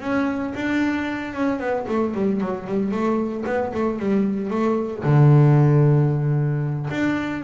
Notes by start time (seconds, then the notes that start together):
0.00 C#4
0.55 D4
1.34 C#4
1.59 B3
1.88 A3
2.14 G3
2.40 F#3
2.67 G3
2.91 A3
3.46 B3
3.74 A3
3.99 G3
4.50 A3
5.03 D3
6.90 D4